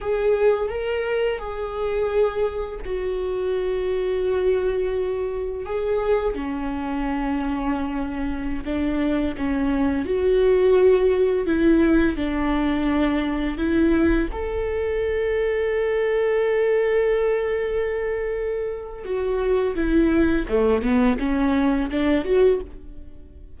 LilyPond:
\new Staff \with { instrumentName = "viola" } { \time 4/4 \tempo 4 = 85 gis'4 ais'4 gis'2 | fis'1 | gis'4 cis'2.~ | cis'16 d'4 cis'4 fis'4.~ fis'16~ |
fis'16 e'4 d'2 e'8.~ | e'16 a'2.~ a'8.~ | a'2. fis'4 | e'4 a8 b8 cis'4 d'8 fis'8 | }